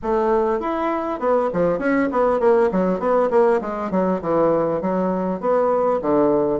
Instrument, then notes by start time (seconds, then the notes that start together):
bassoon
0.02 A3
0.60 E4
1.19 B3
1.53 F3
1.78 C#4
2.11 B3
2.39 A#3
2.71 F#3
2.99 B3
3.30 A#3
3.61 G#3
3.90 F#3
4.21 E3
4.81 F#3
5.40 B3
6.01 D3